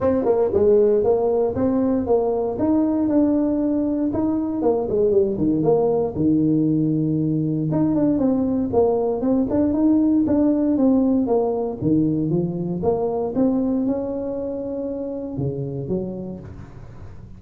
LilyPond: \new Staff \with { instrumentName = "tuba" } { \time 4/4 \tempo 4 = 117 c'8 ais8 gis4 ais4 c'4 | ais4 dis'4 d'2 | dis'4 ais8 gis8 g8 dis8 ais4 | dis2. dis'8 d'8 |
c'4 ais4 c'8 d'8 dis'4 | d'4 c'4 ais4 dis4 | f4 ais4 c'4 cis'4~ | cis'2 cis4 fis4 | }